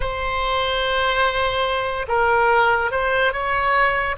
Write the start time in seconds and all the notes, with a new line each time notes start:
0.00 C5
2.08 A#4
2.91 C5
3.32 C#5